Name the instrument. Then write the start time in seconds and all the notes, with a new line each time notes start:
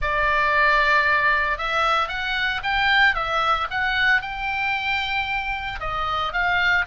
oboe
0.01 D5
1.58 E5
2.08 F#5
2.63 G5
3.14 E5
3.70 F#5
4.21 G5
5.80 D#5
6.33 F5